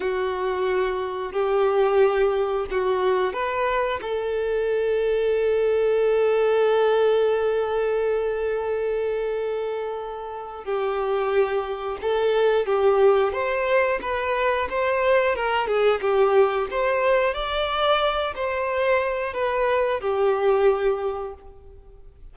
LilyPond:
\new Staff \with { instrumentName = "violin" } { \time 4/4 \tempo 4 = 90 fis'2 g'2 | fis'4 b'4 a'2~ | a'1~ | a'1 |
g'2 a'4 g'4 | c''4 b'4 c''4 ais'8 gis'8 | g'4 c''4 d''4. c''8~ | c''4 b'4 g'2 | }